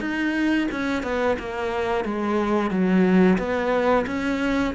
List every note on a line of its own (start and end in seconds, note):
0.00 0.67 D#4
0.71 1.03 C#4
1.03 1.37 B3
1.39 2.04 A#3
2.04 2.70 G#3
2.70 3.38 F#3
3.38 4.05 B3
4.07 4.74 C#4